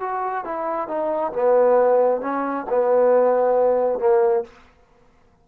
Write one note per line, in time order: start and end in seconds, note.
0.00 0.44 F#4
0.45 0.88 E4
0.88 1.32 D#4
1.33 2.21 B3
2.21 2.65 C#4
2.69 3.99 B3
3.99 4.44 A#3